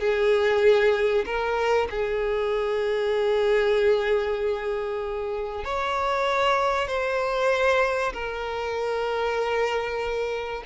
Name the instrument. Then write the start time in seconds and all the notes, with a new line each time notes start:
violin
0.00 G#4
1.26 A#4
1.90 G#4
5.64 C#5
6.88 C5
8.13 A#4